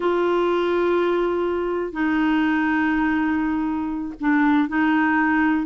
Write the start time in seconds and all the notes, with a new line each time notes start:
0.00 F4
1.92 D#4
4.20 D4
4.68 D#4